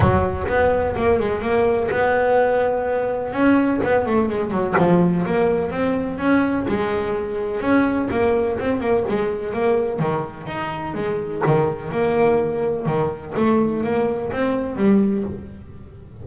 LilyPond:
\new Staff \with { instrumentName = "double bass" } { \time 4/4 \tempo 4 = 126 fis4 b4 ais8 gis8 ais4 | b2. cis'4 | b8 a8 gis8 fis8 f4 ais4 | c'4 cis'4 gis2 |
cis'4 ais4 c'8 ais8 gis4 | ais4 dis4 dis'4 gis4 | dis4 ais2 dis4 | a4 ais4 c'4 g4 | }